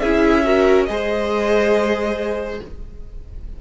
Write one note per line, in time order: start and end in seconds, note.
0.00 0.89 C#4
0.00 0.45 E4
0.00 0.44 G#4
0.00 0.85 E5
0.45 0.88 F#4
0.45 0.87 A#4
0.85 2.60 G#3
0.85 2.60 G#4
0.85 2.62 C5
0.85 2.56 D#5